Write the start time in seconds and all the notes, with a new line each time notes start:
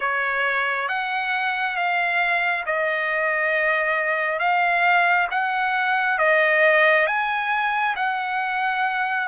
0.00 C#5
0.88 F#5
1.76 F5
2.66 D#5
4.39 F5
5.31 F#5
6.18 D#5
7.06 G#5
7.96 F#5